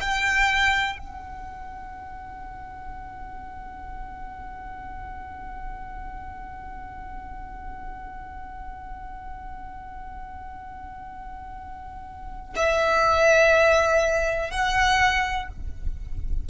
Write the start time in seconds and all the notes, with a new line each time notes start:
0.00 G5
0.98 F#5
12.56 E5
14.50 F#5